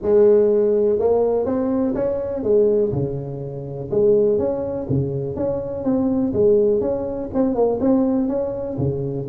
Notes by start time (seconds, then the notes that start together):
0.02 G#3
0.98 A#3
1.45 C4
1.94 C#4
2.43 G#3
2.92 C#3
3.90 G#3
4.38 C#4
4.89 C#3
5.35 C#4
5.83 C4
6.33 G#3
6.80 C#4
7.34 C4
7.54 A#3
7.80 C4
8.27 C#4
8.78 C#3